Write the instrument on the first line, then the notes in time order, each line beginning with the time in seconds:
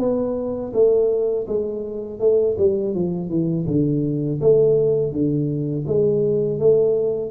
tuba
0.00 B3
0.74 A3
1.48 G#3
2.20 A3
2.58 G3
2.95 F3
3.30 E3
3.67 D3
4.41 A3
5.13 D3
5.87 G#3
6.60 A3